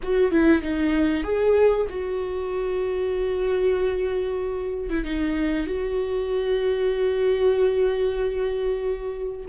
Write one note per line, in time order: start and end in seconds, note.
0.03 0.31 F#4
0.31 0.61 E4
0.61 1.23 D#4
1.23 1.86 G#4
1.89 4.89 F#4
4.89 5.04 E4
5.04 5.66 D#4
5.66 9.45 F#4